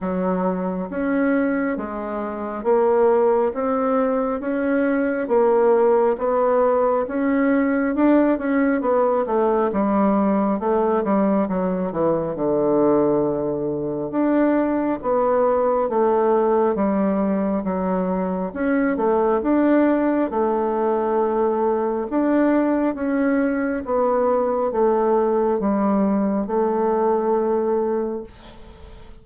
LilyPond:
\new Staff \with { instrumentName = "bassoon" } { \time 4/4 \tempo 4 = 68 fis4 cis'4 gis4 ais4 | c'4 cis'4 ais4 b4 | cis'4 d'8 cis'8 b8 a8 g4 | a8 g8 fis8 e8 d2 |
d'4 b4 a4 g4 | fis4 cis'8 a8 d'4 a4~ | a4 d'4 cis'4 b4 | a4 g4 a2 | }